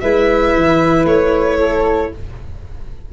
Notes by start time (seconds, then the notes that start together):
0.00 G#3 E4 B4 E5
0.56 E3
1.04 A3 C#5
1.58 A4